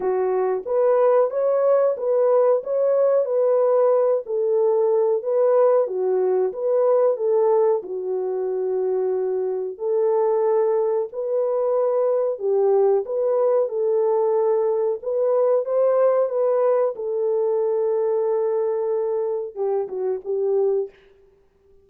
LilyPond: \new Staff \with { instrumentName = "horn" } { \time 4/4 \tempo 4 = 92 fis'4 b'4 cis''4 b'4 | cis''4 b'4. a'4. | b'4 fis'4 b'4 a'4 | fis'2. a'4~ |
a'4 b'2 g'4 | b'4 a'2 b'4 | c''4 b'4 a'2~ | a'2 g'8 fis'8 g'4 | }